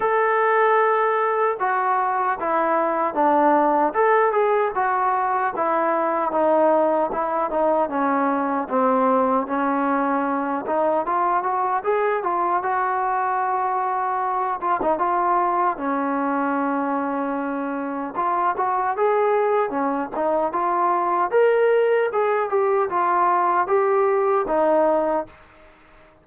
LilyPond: \new Staff \with { instrumentName = "trombone" } { \time 4/4 \tempo 4 = 76 a'2 fis'4 e'4 | d'4 a'8 gis'8 fis'4 e'4 | dis'4 e'8 dis'8 cis'4 c'4 | cis'4. dis'8 f'8 fis'8 gis'8 f'8 |
fis'2~ fis'8 f'16 dis'16 f'4 | cis'2. f'8 fis'8 | gis'4 cis'8 dis'8 f'4 ais'4 | gis'8 g'8 f'4 g'4 dis'4 | }